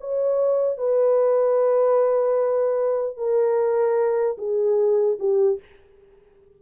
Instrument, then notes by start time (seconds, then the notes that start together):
horn
0.00 C#5
0.77 B4
3.17 A#4
4.37 G#4
5.19 G4